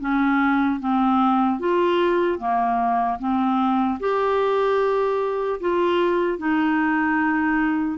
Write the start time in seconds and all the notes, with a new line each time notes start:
0.00 C#4
0.80 C4
1.60 F4
2.39 A#3
3.19 C4
4.00 G4
5.60 F4
6.38 D#4